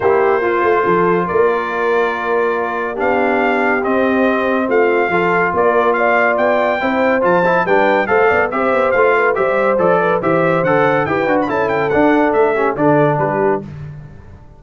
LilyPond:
<<
  \new Staff \with { instrumentName = "trumpet" } { \time 4/4 \tempo 4 = 141 c''2. d''4~ | d''2. f''4~ | f''4 dis''2 f''4~ | f''4 d''4 f''4 g''4~ |
g''4 a''4 g''4 f''4 | e''4 f''4 e''4 d''4 | e''4 fis''4 g''8. b''16 a''8 g''8 | fis''4 e''4 d''4 b'4 | }
  \new Staff \with { instrumentName = "horn" } { \time 4/4 g'4 f'4 a'4 ais'4~ | ais'2. g'4~ | g'2. f'4 | a'4 ais'4 d''2 |
c''2 b'4 c''8 d''8 | c''4. b'8 c''4. b'8 | c''2 b'4 a'4~ | a'4. g'8 a'4 g'4 | }
  \new Staff \with { instrumentName = "trombone" } { \time 4/4 e'4 f'2.~ | f'2. d'4~ | d'4 c'2. | f'1 |
e'4 f'8 e'8 d'4 a'4 | g'4 f'4 g'4 a'4 | g'4 a'4 g'8 fis'8 e'4 | d'4. cis'8 d'2 | }
  \new Staff \with { instrumentName = "tuba" } { \time 4/4 ais4. a8 f4 ais4~ | ais2. b4~ | b4 c'2 a4 | f4 ais2 b4 |
c'4 f4 g4 a8 b8 | c'8 b8 a4 g4 f4 | e4 d4 e'8 d'8 cis'4 | d'4 a4 d4 g4 | }
>>